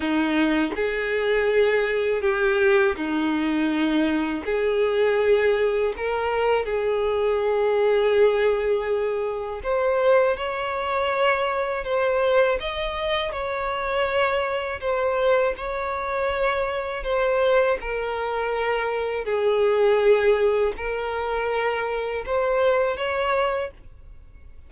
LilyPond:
\new Staff \with { instrumentName = "violin" } { \time 4/4 \tempo 4 = 81 dis'4 gis'2 g'4 | dis'2 gis'2 | ais'4 gis'2.~ | gis'4 c''4 cis''2 |
c''4 dis''4 cis''2 | c''4 cis''2 c''4 | ais'2 gis'2 | ais'2 c''4 cis''4 | }